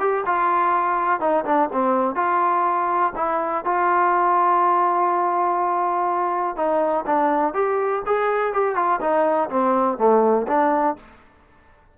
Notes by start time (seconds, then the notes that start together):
0.00 G4
0.26 F4
1.20 D#4
1.45 D4
1.73 C4
2.16 F4
3.16 E4
3.65 F4
6.56 D#4
7.06 D4
7.54 G4
8.06 G#4
8.53 G4
8.75 F4
9.01 D#4
9.50 C4
9.98 A3
10.48 D4